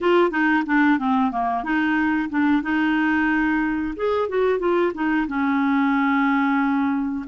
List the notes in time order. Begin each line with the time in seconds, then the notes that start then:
0.00 F4
0.30 D#4
0.66 D4
0.98 C4
1.31 A#3
1.63 D#4
2.29 D4
2.62 D#4
3.96 G#4
4.29 F#4
4.59 F4
4.94 D#4
5.27 C#4